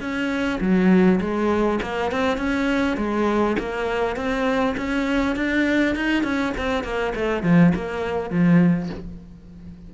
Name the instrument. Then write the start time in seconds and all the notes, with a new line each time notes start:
cello
0.00 C#4
0.60 F#3
1.20 G#3
1.82 A#3
2.11 C4
2.37 C#4
2.97 G#3
3.59 A#3
4.16 C4
4.77 C#4
5.36 D4
5.95 D#4
6.23 C#4
6.57 C4
6.83 A#3
7.15 A3
7.43 F3
7.75 A#3
8.30 F3